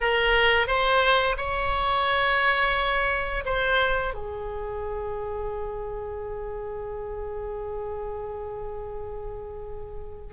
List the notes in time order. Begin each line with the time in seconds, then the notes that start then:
0.00 A#4
0.67 C5
1.37 C#5
3.45 C5
4.14 G#4